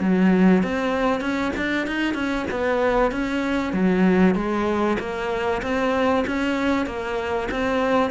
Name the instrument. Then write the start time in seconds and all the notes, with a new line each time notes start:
cello
0.00 F#3
0.63 C4
1.20 C#4
1.56 D4
1.87 D#4
2.14 C#4
2.51 B3
3.11 C#4
3.73 F#3
4.35 G#3
4.99 A#3
5.62 C4
6.27 C#4
6.86 A#3
7.51 C4